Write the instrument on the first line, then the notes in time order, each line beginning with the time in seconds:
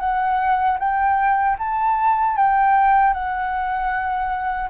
flute
0.00 F#5
0.79 G5
1.59 A5
2.37 G5
3.14 F#5